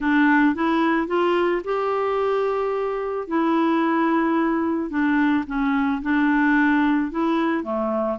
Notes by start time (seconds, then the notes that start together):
0.00 D4
0.55 E4
1.07 F4
1.64 G4
3.27 E4
4.90 D4
5.46 C#4
6.01 D4
7.11 E4
7.63 A3